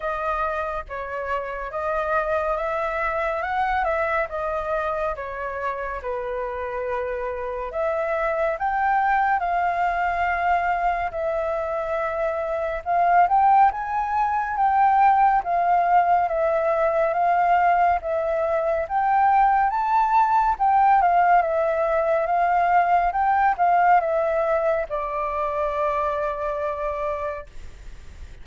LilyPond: \new Staff \with { instrumentName = "flute" } { \time 4/4 \tempo 4 = 70 dis''4 cis''4 dis''4 e''4 | fis''8 e''8 dis''4 cis''4 b'4~ | b'4 e''4 g''4 f''4~ | f''4 e''2 f''8 g''8 |
gis''4 g''4 f''4 e''4 | f''4 e''4 g''4 a''4 | g''8 f''8 e''4 f''4 g''8 f''8 | e''4 d''2. | }